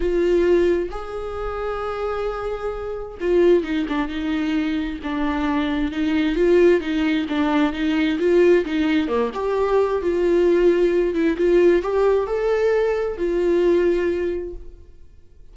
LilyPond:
\new Staff \with { instrumentName = "viola" } { \time 4/4 \tempo 4 = 132 f'2 gis'2~ | gis'2. f'4 | dis'8 d'8 dis'2 d'4~ | d'4 dis'4 f'4 dis'4 |
d'4 dis'4 f'4 dis'4 | ais8 g'4. f'2~ | f'8 e'8 f'4 g'4 a'4~ | a'4 f'2. | }